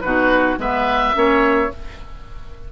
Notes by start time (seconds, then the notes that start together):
0.00 B2 D#4 F#4 B4
0.57 G#3 B3 B4 E5
1.13 A#3 C#4 C#5